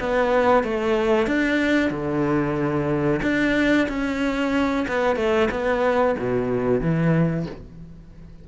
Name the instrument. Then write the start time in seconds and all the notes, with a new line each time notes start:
cello
0.00 B3
0.64 A3
1.27 D4
1.91 D3
3.23 D4
3.89 C#4
4.88 B3
5.16 A3
5.51 B3
6.19 B2
6.81 E3